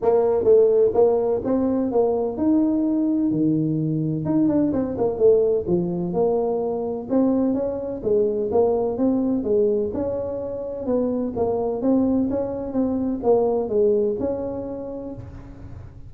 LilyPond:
\new Staff \with { instrumentName = "tuba" } { \time 4/4 \tempo 4 = 127 ais4 a4 ais4 c'4 | ais4 dis'2 dis4~ | dis4 dis'8 d'8 c'8 ais8 a4 | f4 ais2 c'4 |
cis'4 gis4 ais4 c'4 | gis4 cis'2 b4 | ais4 c'4 cis'4 c'4 | ais4 gis4 cis'2 | }